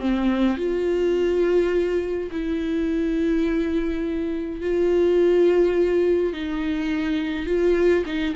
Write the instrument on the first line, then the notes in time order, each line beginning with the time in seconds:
viola
0.00 C4
0.57 F4
2.31 E4
4.61 F4
6.33 D#4
7.47 F4
8.06 D#4